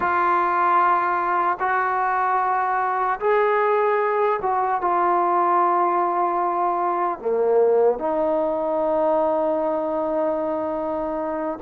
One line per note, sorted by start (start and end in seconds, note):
0.00 1.57 F4
1.59 3.19 F#4
3.20 4.40 G#4
4.41 4.81 F#4
4.81 7.19 F4
7.19 7.99 A#3
7.99 11.59 D#4